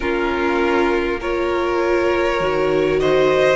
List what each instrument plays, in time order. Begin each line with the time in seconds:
0.00 cello A#3, viola C#4, violin F4 A#4
1.20 viola F4, violin A#4 C#5
2.40 cello D#3, viola F#4
2.99 violin C5 D#5